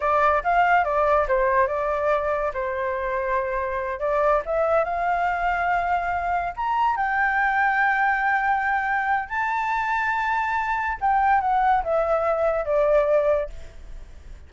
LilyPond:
\new Staff \with { instrumentName = "flute" } { \time 4/4 \tempo 4 = 142 d''4 f''4 d''4 c''4 | d''2 c''2~ | c''4. d''4 e''4 f''8~ | f''2.~ f''8 ais''8~ |
ais''8 g''2.~ g''8~ | g''2 a''2~ | a''2 g''4 fis''4 | e''2 d''2 | }